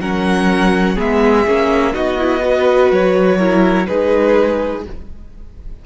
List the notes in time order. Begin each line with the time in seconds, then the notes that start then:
0.00 F#3 C#4 A#4 F#5
0.96 G#3 B3 G#4 E5
1.47 A#3 C#4
1.93 B3 D#4 F#4 D#5
2.18 E4
2.41 F#4 B4
2.92 F#3 C#5
3.38 E4 A#4
3.86 G#3 D#4 G#4 B4